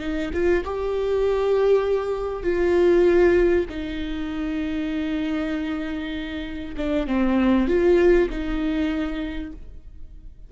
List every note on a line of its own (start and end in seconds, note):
0.00 0.31 D#4
0.33 0.64 F4
0.64 2.43 G4
2.43 3.66 F4
3.69 6.75 D#4
6.77 7.07 D4
7.07 7.68 C4
7.68 8.29 F4
8.30 9.52 D#4